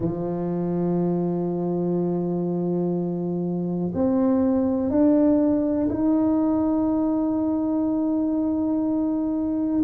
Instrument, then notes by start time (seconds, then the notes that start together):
tuba
0.00 F3
3.94 C4
4.90 D4
5.89 D#4